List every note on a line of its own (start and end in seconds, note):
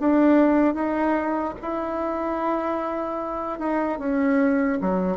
0.00 0.75 D4
0.75 1.55 D#4
1.62 3.60 E4
3.60 3.99 D#4
3.99 4.79 C#4
4.81 5.17 F#3